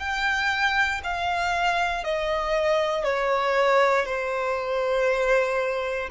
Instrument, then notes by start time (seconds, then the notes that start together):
violin
0.00 G5
1.04 F5
2.05 D#5
3.05 C#5
4.06 C5